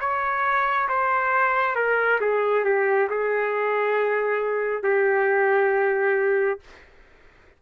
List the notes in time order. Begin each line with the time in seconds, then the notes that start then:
0.00 C#5
0.89 C5
1.75 A#4
2.21 G#4
2.65 G4
3.10 G#4
4.83 G4